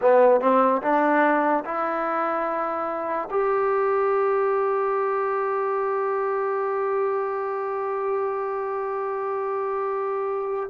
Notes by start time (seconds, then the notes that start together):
0.01 B3
0.40 C4
0.81 D4
1.64 E4
3.30 G4